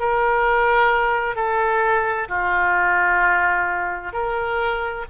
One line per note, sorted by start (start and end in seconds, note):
0.00 1.36 A#4
1.36 2.28 A4
2.29 4.13 F4
4.13 5.06 A#4